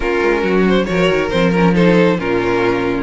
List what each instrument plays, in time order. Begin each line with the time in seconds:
0.00 cello A#3, viola C#4, violin F4 A#4
0.22 cello G#3
0.41 cello F#3, violin F#4
0.68 violin C5
0.85 cello F3, viola F#4, violin A#4 C#5
1.09 cello D#3
1.29 cello F3, viola C4, violin C5
1.52 viola C#4, violin A#4
1.73 viola D#4, violin A4 C5
2.18 cello A#2, viola C#4, violin F4 A#4